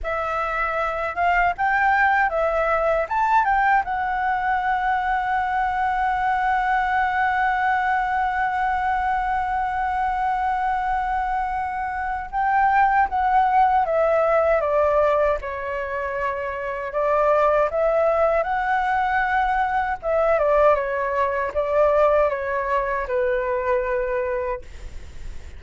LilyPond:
\new Staff \with { instrumentName = "flute" } { \time 4/4 \tempo 4 = 78 e''4. f''8 g''4 e''4 | a''8 g''8 fis''2.~ | fis''1~ | fis''1 |
g''4 fis''4 e''4 d''4 | cis''2 d''4 e''4 | fis''2 e''8 d''8 cis''4 | d''4 cis''4 b'2 | }